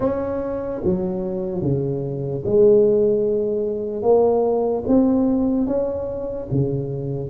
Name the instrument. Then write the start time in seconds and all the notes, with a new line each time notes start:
tuba
0.00 C#4
0.84 F#3
1.62 C#3
2.45 G#3
4.02 A#3
4.87 C4
5.66 C#4
6.51 C#3